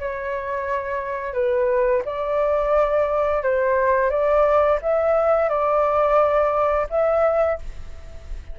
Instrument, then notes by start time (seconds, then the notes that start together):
flute
0.00 C#5
1.34 B4
2.05 D5
3.43 C5
4.11 D5
4.82 E5
5.50 D5
6.90 E5